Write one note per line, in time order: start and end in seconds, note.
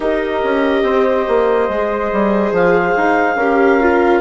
0.00 0.42 D#4
0.00 1.69 G4
0.00 0.84 A#4
0.00 2.54 D#5
0.43 0.82 C#4
0.82 1.24 C4
0.82 3.36 C5
1.28 1.68 A#3
1.68 2.11 G#3
1.68 3.40 G#4
2.12 2.52 G3
2.52 2.94 F3
2.52 4.20 F5
2.96 3.36 D#4
3.36 4.20 C#4
3.36 3.80 G4
3.36 4.20 A#4
3.80 4.20 F4